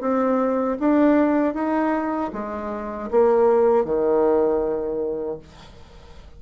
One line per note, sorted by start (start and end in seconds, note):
0.00 0.77 C4
0.79 1.54 D4
1.54 2.31 D#4
2.33 3.09 G#3
3.10 3.85 A#3
3.85 5.38 D#3